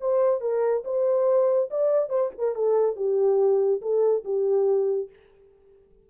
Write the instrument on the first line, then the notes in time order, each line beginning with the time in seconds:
horn
0.00 C5
0.41 A#4
0.84 C5
1.70 D5
2.09 C5
2.38 A#4
2.55 A4
2.96 G4
3.81 A4
4.24 G4